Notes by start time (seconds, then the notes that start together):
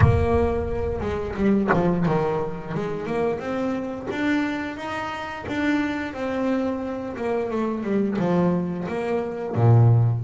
0.00 A#3
1.00 G#3
1.36 G3
1.73 F3
2.06 D#3
2.74 G#3
3.06 A#3
3.39 C4
4.10 D4
4.76 D#4
5.48 D4
6.13 C4
7.16 A#3
7.51 A3
7.83 G3
8.18 F3
8.88 A#3
9.55 A#2